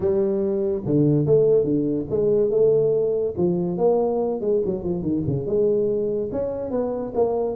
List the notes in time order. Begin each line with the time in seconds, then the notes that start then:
0.00 G3
0.85 D3
1.25 A3
1.64 D3
2.10 G#3
2.50 A3
3.37 F3
3.77 A#3
4.40 G#3
4.65 F#3
4.83 F3
5.02 D#3
5.26 C#3
5.46 G#3
6.31 C#4
6.70 B3
7.14 A#3